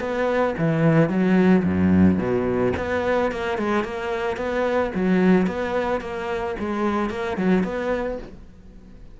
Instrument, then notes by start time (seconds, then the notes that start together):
cello
0.00 B3
0.58 E3
1.09 F#3
1.64 F#2
2.18 B2
2.77 B3
3.31 A#3
3.58 G#3
3.84 A#3
4.37 B3
4.95 F#3
5.47 B3
6.01 A#3
6.59 G#3
7.10 A#3
7.37 F#3
7.63 B3